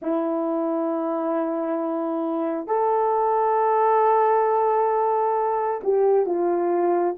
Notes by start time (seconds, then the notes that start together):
0.02 E4
2.66 A4
5.83 G4
6.26 F4